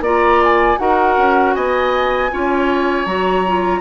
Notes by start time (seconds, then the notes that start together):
0.00 A#3 F4 D5 A#5
0.43 G#5
0.77 D#4 F#4 A#4 F#5
1.17 C#4
1.54 B3 D#5 G#5
2.31 C#4 F4 C#5
3.05 F#3 F#4 A#5
3.47 F4